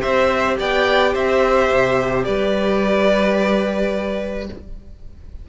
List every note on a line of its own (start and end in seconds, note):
0.00 0.59 C4
0.00 4.44 G4
0.00 0.56 C5
0.00 0.57 E5
0.59 1.15 B3
0.59 1.13 D5
0.59 1.14 G5
1.13 1.70 C4
1.13 2.24 C5
1.13 2.24 E5
1.72 2.27 C3
2.24 4.49 G3
2.24 4.47 B4
2.24 4.46 D5